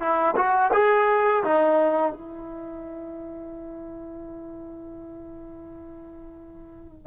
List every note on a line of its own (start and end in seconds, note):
0.00 0.35 E4
0.37 0.72 F#4
0.73 1.44 G#4
1.44 2.13 D#4
2.13 7.07 E4